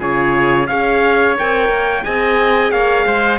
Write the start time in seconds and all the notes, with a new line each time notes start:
0.00 C#3 F4 G#4 C#5
0.67 C#4 G#4 C#5 F5
1.38 C4 A#4 G5
1.69 A#3
2.03 C4 G#4 D#5 G#5
2.71 A#3 C#5 F5
3.06 G#3 C5